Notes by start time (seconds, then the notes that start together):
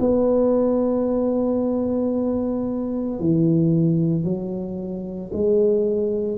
0.00 B3
3.20 E3
4.24 F#3
5.33 G#3